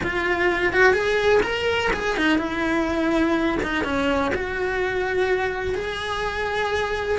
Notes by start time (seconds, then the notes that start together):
0.03 F4
0.72 F#4
0.93 G#4
1.42 A#4
1.93 G#4
2.16 D#4
2.38 E4
3.62 D#4
3.84 C#4
4.34 F#4
5.74 G#4